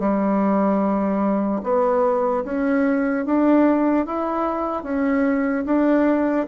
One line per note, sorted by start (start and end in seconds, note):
0.00 1.62 G3
1.64 2.45 B3
2.45 3.26 C#4
3.26 4.07 D4
4.07 4.84 E4
4.84 5.65 C#4
5.66 6.47 D4